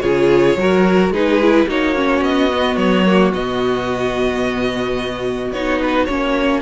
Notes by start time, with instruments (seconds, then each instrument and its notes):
0.00 cello C#3, viola F4, violin G#4 C#5
0.56 cello F#3, viola F#4, violin A#4
1.10 cello G#3, viola D#4, violin G#4 B4
1.41 viola E4
1.67 cello A#3, viola D#4, violin F#4 C#5
1.95 viola C#4
2.21 cello B3, violin D#5
2.51 viola B3
2.76 cello F#3, violin C#5
3.06 viola A#3
3.33 cello B2, viola B3, violin D#5
5.52 cello B3, viola D#4, violin C#5
5.83 violin B4
6.05 cello A#3, viola C#4, violin C#5